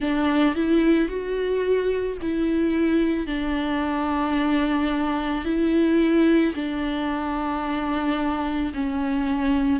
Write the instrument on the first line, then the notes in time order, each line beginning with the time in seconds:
viola
0.00 D4
0.55 E4
1.08 F#4
2.21 E4
3.26 D4
5.44 E4
6.55 D4
8.74 C#4